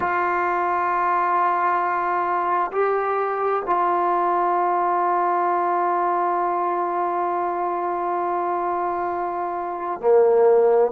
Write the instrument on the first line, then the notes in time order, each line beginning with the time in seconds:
trombone
0.00 F4
2.71 G4
3.66 F4
10.00 A#3